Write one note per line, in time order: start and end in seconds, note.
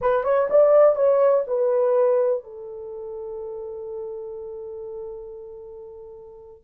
0.01 0.23 B4
0.23 0.48 C#5
0.50 0.95 D5
0.95 1.43 C#5
1.47 2.43 B4
2.43 6.64 A4